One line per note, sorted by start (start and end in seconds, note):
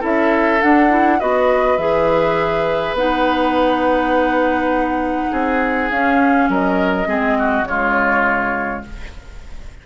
0.00 0.62 C#4
0.00 0.60 E4
0.00 1.18 A4
0.00 0.62 E5
0.62 0.90 D4
0.62 1.21 D4
0.62 1.20 F#5
0.90 1.19 E4
1.20 1.78 B3
1.20 1.78 F#4
1.20 5.31 B4
1.20 1.78 D#5
1.78 2.93 E3
1.78 2.96 G#4
1.78 2.96 E5
2.93 5.29 B3
2.93 5.91 D#4
2.93 5.91 F#5
5.31 5.91 C4
5.31 6.49 G#4
5.91 6.49 C#4
5.91 7.06 C#4
5.91 6.50 F5
6.49 7.07 F#3
6.49 7.08 A#4
6.49 7.66 D#5
7.06 7.63 G#3
7.06 7.65 C4
7.06 7.38 G#4
7.39 7.68 F#4
7.63 8.80 C#3
7.63 8.84 G#3
7.63 8.86 F4
7.63 8.84 C#5